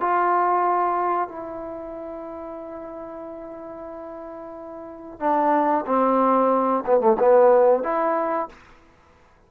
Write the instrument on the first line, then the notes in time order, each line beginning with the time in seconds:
trombone
0.00 F4
1.29 E4
5.20 D4
5.86 C4
6.86 B3
7.00 A3
7.19 B3
7.83 E4